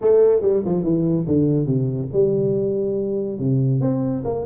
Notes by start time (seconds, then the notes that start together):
0.01 A3
0.41 G3
0.65 F3
0.83 E3
1.27 D3
1.66 C3
2.12 G3
3.38 C3
3.80 C4
4.24 A#3